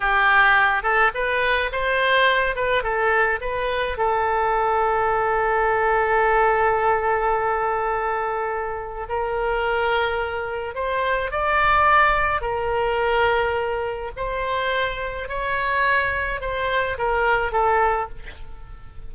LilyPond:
\new Staff \with { instrumentName = "oboe" } { \time 4/4 \tempo 4 = 106 g'4. a'8 b'4 c''4~ | c''8 b'8 a'4 b'4 a'4~ | a'1~ | a'1 |
ais'2. c''4 | d''2 ais'2~ | ais'4 c''2 cis''4~ | cis''4 c''4 ais'4 a'4 | }